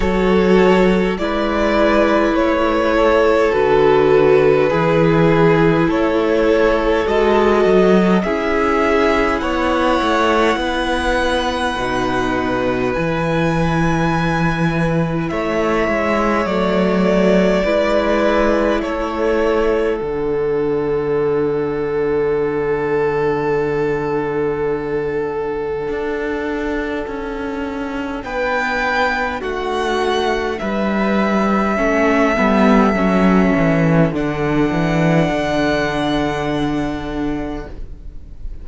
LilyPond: <<
  \new Staff \with { instrumentName = "violin" } { \time 4/4 \tempo 4 = 51 cis''4 d''4 cis''4 b'4~ | b'4 cis''4 dis''4 e''4 | fis''2. gis''4~ | gis''4 e''4 d''2 |
cis''4 fis''2.~ | fis''1 | g''4 fis''4 e''2~ | e''4 fis''2. | }
  \new Staff \with { instrumentName = "violin" } { \time 4/4 a'4 b'4. a'4. | gis'4 a'2 gis'4 | cis''4 b'2.~ | b'4 cis''2 b'4 |
a'1~ | a'1 | b'4 fis'4 b'4 a'4~ | a'1 | }
  \new Staff \with { instrumentName = "viola" } { \time 4/4 fis'4 e'2 fis'4 | e'2 fis'4 e'4~ | e'2 dis'4 e'4~ | e'2 a4 e'4~ |
e'4 d'2.~ | d'1~ | d'2. cis'8 b8 | cis'4 d'2. | }
  \new Staff \with { instrumentName = "cello" } { \time 4/4 fis4 gis4 a4 d4 | e4 a4 gis8 fis8 cis'4 | b8 a8 b4 b,4 e4~ | e4 a8 gis8 fis4 gis4 |
a4 d2.~ | d2 d'4 cis'4 | b4 a4 g4 a8 g8 | fis8 e8 d8 e8 d2 | }
>>